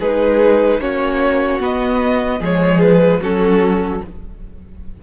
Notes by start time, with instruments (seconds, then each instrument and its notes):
0.00 cello G#3, viola D#4, violin G#4 B4
0.80 cello A#3, viola C#4, violin F#4 C#5
1.61 cello B3, viola B3, violin D#5
2.40 cello F3, viola G#3, violin G#4 C#5
2.82 violin B4
3.21 cello F#3, viola C#4, violin F#4 A4